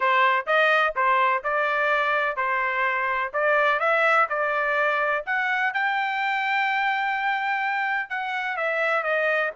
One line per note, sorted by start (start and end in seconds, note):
0.00 0.46 C5
0.46 0.94 D#5
0.95 1.43 C5
1.43 2.36 D5
2.36 3.31 C5
3.33 3.79 D5
3.79 4.27 E5
4.29 5.24 D5
5.26 5.73 F#5
5.73 8.09 G5
8.09 8.56 F#5
8.56 9.03 E5
9.03 9.51 D#5